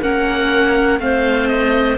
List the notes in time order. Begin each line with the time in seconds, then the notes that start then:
0.00 A#3 C#4 A#4 F#5
0.99 A3 C4 C5 F5
1.48 D#5